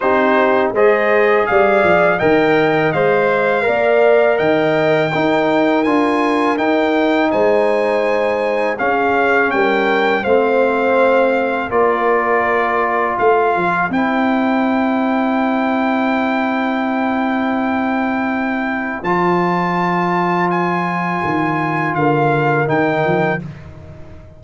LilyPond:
<<
  \new Staff \with { instrumentName = "trumpet" } { \time 4/4 \tempo 4 = 82 c''4 dis''4 f''4 g''4 | f''2 g''2 | gis''4 g''4 gis''2 | f''4 g''4 f''2 |
d''2 f''4 g''4~ | g''1~ | g''2 a''2 | gis''2 f''4 g''4 | }
  \new Staff \with { instrumentName = "horn" } { \time 4/4 g'4 c''4 d''4 dis''4~ | dis''4 d''4 dis''4 ais'4~ | ais'2 c''2 | gis'4 ais'4 c''2 |
ais'2 c''2~ | c''1~ | c''1~ | c''2 ais'2 | }
  \new Staff \with { instrumentName = "trombone" } { \time 4/4 dis'4 gis'2 ais'4 | c''4 ais'2 dis'4 | f'4 dis'2. | cis'2 c'2 |
f'2. e'4~ | e'1~ | e'2 f'2~ | f'2. dis'4 | }
  \new Staff \with { instrumentName = "tuba" } { \time 4/4 c'4 gis4 g8 f8 dis4 | gis4 ais4 dis4 dis'4 | d'4 dis'4 gis2 | cis'4 g4 a2 |
ais2 a8 f8 c'4~ | c'1~ | c'2 f2~ | f4 dis4 d4 dis8 f8 | }
>>